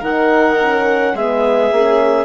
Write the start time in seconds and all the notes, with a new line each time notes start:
0.00 D#3 D#4 A#4 F#5
0.61 C#4
1.14 G#3 B3 G#4 E5
1.71 A#3 C#4